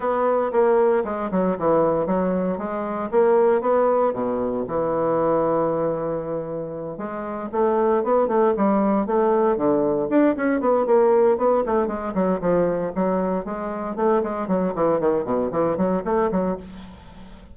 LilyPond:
\new Staff \with { instrumentName = "bassoon" } { \time 4/4 \tempo 4 = 116 b4 ais4 gis8 fis8 e4 | fis4 gis4 ais4 b4 | b,4 e2.~ | e4. gis4 a4 b8 |
a8 g4 a4 d4 d'8 | cis'8 b8 ais4 b8 a8 gis8 fis8 | f4 fis4 gis4 a8 gis8 | fis8 e8 dis8 b,8 e8 fis8 a8 fis8 | }